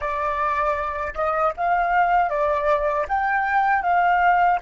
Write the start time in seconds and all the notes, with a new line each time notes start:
0.00 D5
1.14 D#5
1.56 F5
2.29 D5
3.08 G5
3.82 F5